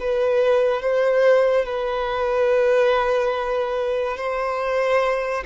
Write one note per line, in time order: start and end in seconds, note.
0.00 0.82 B4
0.82 1.66 C5
1.66 4.17 B4
4.17 5.44 C5